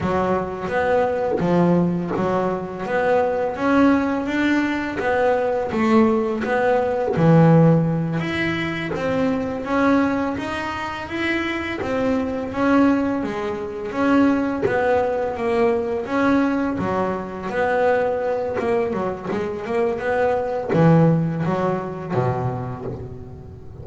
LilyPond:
\new Staff \with { instrumentName = "double bass" } { \time 4/4 \tempo 4 = 84 fis4 b4 f4 fis4 | b4 cis'4 d'4 b4 | a4 b4 e4. e'8~ | e'8 c'4 cis'4 dis'4 e'8~ |
e'8 c'4 cis'4 gis4 cis'8~ | cis'8 b4 ais4 cis'4 fis8~ | fis8 b4. ais8 fis8 gis8 ais8 | b4 e4 fis4 b,4 | }